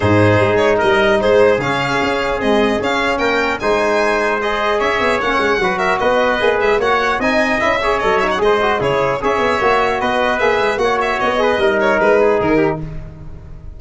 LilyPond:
<<
  \new Staff \with { instrumentName = "violin" } { \time 4/4 \tempo 4 = 150 c''4. cis''8 dis''4 c''4 | f''2 dis''4 f''4 | g''4 gis''2 dis''4 | e''4 fis''4. e''8 dis''4~ |
dis''8 e''8 fis''4 gis''4 e''4 | dis''8 e''16 fis''16 dis''4 cis''4 e''4~ | e''4 dis''4 e''4 fis''8 e''8 | dis''4. cis''8 b'4 ais'4 | }
  \new Staff \with { instrumentName = "trumpet" } { \time 4/4 gis'2 ais'4 gis'4~ | gis'1 | ais'4 c''2. | cis''2 b'8 ais'8 b'4~ |
b'4 cis''4 dis''4. cis''8~ | cis''4 c''4 gis'4 cis''4~ | cis''4 b'2 cis''4~ | cis''8 b'8 ais'4. gis'4 g'8 | }
  \new Staff \with { instrumentName = "trombone" } { \time 4/4 dis'1 | cis'2 gis4 cis'4~ | cis'4 dis'2 gis'4~ | gis'4 cis'4 fis'2 |
gis'4 fis'4 dis'4 e'8 gis'8 | a'8 dis'8 gis'8 fis'8 e'4 gis'4 | fis'2 gis'4 fis'4~ | fis'8 gis'8 dis'2. | }
  \new Staff \with { instrumentName = "tuba" } { \time 4/4 gis,4 gis4 g4 gis4 | cis4 cis'4 c'4 cis'4 | ais4 gis2. | cis'8 b8 ais8 gis8 fis4 b4 |
ais8 gis8 ais4 c'4 cis'4 | fis4 gis4 cis4 cis'8 b8 | ais4 b4 ais8 gis8 ais4 | b4 g4 gis4 dis4 | }
>>